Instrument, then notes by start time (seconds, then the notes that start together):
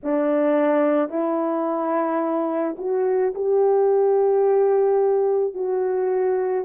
horn
0.03 D4
1.09 E4
2.78 F#4
3.34 G4
5.54 F#4